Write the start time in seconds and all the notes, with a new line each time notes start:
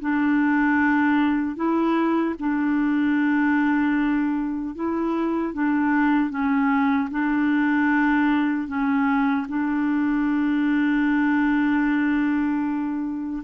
0.00 D4
1.55 E4
2.39 D4
4.75 E4
5.53 D4
6.29 C#4
7.11 D4
8.67 C#4
9.48 D4